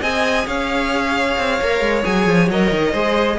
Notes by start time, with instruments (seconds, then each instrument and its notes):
0.00 cello C4, viola G#4, violin D#5 G#5
0.47 cello C#4, violin C#5 F5
1.38 cello C4
1.61 cello A#3, viola A#4
1.81 cello G#3
2.03 cello F#3, viola G#4, violin G#5
2.27 cello F3
2.48 cello F#3, viola A#4, violin D#5
2.71 cello D#3
2.92 cello G#3, viola G#4, violin C5